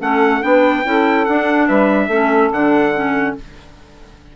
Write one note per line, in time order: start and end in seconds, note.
0.00 0.42 A3
0.00 0.41 C#4
0.00 0.44 A4
0.00 0.43 F#5
0.41 0.84 B3
0.41 0.83 D4
0.41 0.86 B4
0.41 1.25 G5
0.84 1.26 C#4
0.84 1.26 E4
0.84 1.66 A4
1.25 1.69 D4
1.25 2.10 D4
1.25 1.67 F#5
1.66 2.08 G3
1.66 2.06 B4
1.66 2.51 E5
2.06 2.49 A3
2.06 2.52 C#4
2.06 3.31 A4
2.52 3.36 D3
2.52 2.94 D4
2.52 3.36 F#5
2.94 3.36 C#4